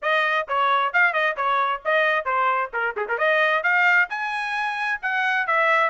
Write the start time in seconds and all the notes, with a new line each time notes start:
0.02 D#5
0.48 C#5
0.93 F5
1.13 D#5
1.36 C#5
1.85 D#5
2.25 C5
2.73 A#4
2.96 G#4
3.08 A#4
3.18 D#5
3.63 F5
4.09 G#5
5.02 F#5
5.46 E5